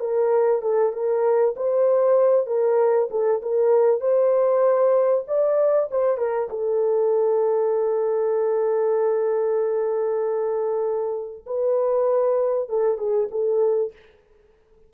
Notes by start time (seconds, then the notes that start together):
0.00 A#4
0.62 A4
0.93 A#4
1.56 C5
2.47 A#4
3.11 A4
3.42 A#4
4.01 C5
5.28 D5
5.91 C5
6.18 A#4
6.50 A4
11.46 B4
12.69 A4
12.98 G#4
13.31 A4